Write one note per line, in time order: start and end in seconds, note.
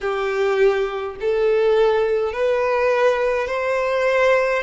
0.00 1.15 G4
1.20 2.32 A4
2.32 3.47 B4
3.47 4.62 C5